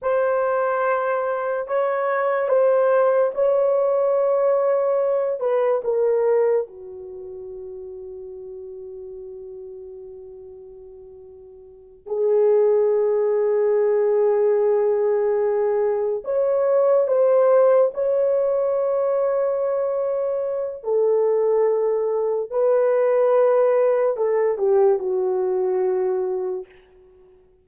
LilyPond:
\new Staff \with { instrumentName = "horn" } { \time 4/4 \tempo 4 = 72 c''2 cis''4 c''4 | cis''2~ cis''8 b'8 ais'4 | fis'1~ | fis'2~ fis'8 gis'4.~ |
gis'2.~ gis'8 cis''8~ | cis''8 c''4 cis''2~ cis''8~ | cis''4 a'2 b'4~ | b'4 a'8 g'8 fis'2 | }